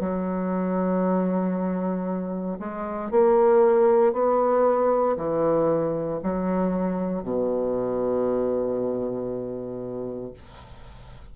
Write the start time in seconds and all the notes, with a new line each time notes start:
0.00 F#3
2.60 G#3
3.11 A#3
4.13 B3
5.17 E3
6.23 F#3
7.23 B2